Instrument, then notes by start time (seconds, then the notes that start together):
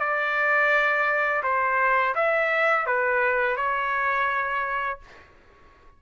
trumpet
0.00 D5
1.43 C5
2.15 E5
2.86 B4
3.57 C#5